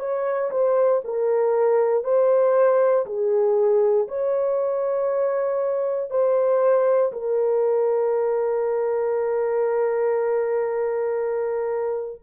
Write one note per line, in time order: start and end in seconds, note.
0.00 0.51 C#5
0.51 1.02 C5
1.04 2.04 A#4
2.04 3.06 C5
3.06 4.08 G#4
4.08 6.11 C#5
6.11 7.12 C5
7.13 12.21 A#4